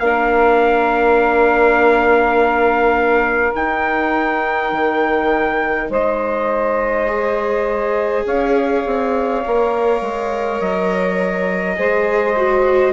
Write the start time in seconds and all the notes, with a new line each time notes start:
0.00 A#3 D4 A#4 F5
3.55 D#4 G5
4.73 D#3
5.90 G#3 C5 D#5
7.08 G#4
8.26 C#4 C#5 F5
8.86 C4
9.45 A#3 A#4
10.02 G#3
10.61 F#3 D#5
11.77 G#3 G#4 C5
12.37 F#4